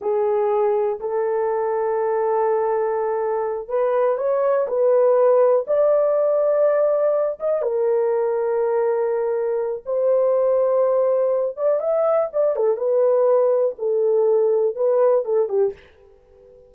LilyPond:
\new Staff \with { instrumentName = "horn" } { \time 4/4 \tempo 4 = 122 gis'2 a'2~ | a'2.~ a'8 b'8~ | b'8 cis''4 b'2 d''8~ | d''2. dis''8 ais'8~ |
ais'1 | c''2.~ c''8 d''8 | e''4 d''8 a'8 b'2 | a'2 b'4 a'8 g'8 | }